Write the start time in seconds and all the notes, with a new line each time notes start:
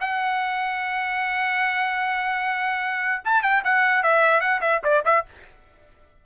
0.00 F#5
3.25 A5
3.43 G5
3.64 F#5
4.03 E5
4.40 F#5
4.61 E5
4.84 D5
5.05 E5